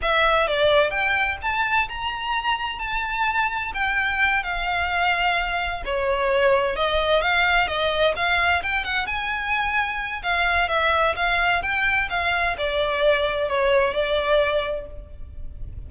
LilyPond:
\new Staff \with { instrumentName = "violin" } { \time 4/4 \tempo 4 = 129 e''4 d''4 g''4 a''4 | ais''2 a''2 | g''4. f''2~ f''8~ | f''8 cis''2 dis''4 f''8~ |
f''8 dis''4 f''4 g''8 fis''8 gis''8~ | gis''2 f''4 e''4 | f''4 g''4 f''4 d''4~ | d''4 cis''4 d''2 | }